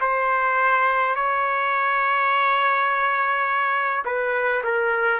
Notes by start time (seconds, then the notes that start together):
0.00 C5
1.15 C#5
4.05 B4
4.64 A#4